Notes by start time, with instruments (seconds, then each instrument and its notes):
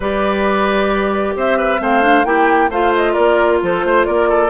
0.00 bassoon G3, clarinet G4, oboe B4, flute D5
1.35 bassoon C4, oboe C5, flute E5
1.58 oboe B4
1.80 bassoon A3, clarinet C4, oboe C5, flute F5
2.01 clarinet D4
2.24 bassoon A#3, clarinet E4, oboe G4, flute G5
2.69 bassoon A3, clarinet F4, oboe C5, flute F5
2.95 flute D#5
3.12 bassoon A#3, oboe A#4, flute D5
3.62 bassoon F3, oboe A4, flute C5
3.84 bassoon A3, oboe C5
4.05 bassoon A#3, oboe A#4, flute D5
4.29 oboe A4